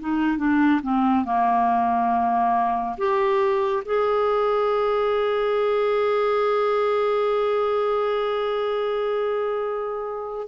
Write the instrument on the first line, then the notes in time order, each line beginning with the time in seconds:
clarinet
0.00 D#4
0.38 D4
0.83 C4
1.25 A#3
2.98 G4
3.85 G#4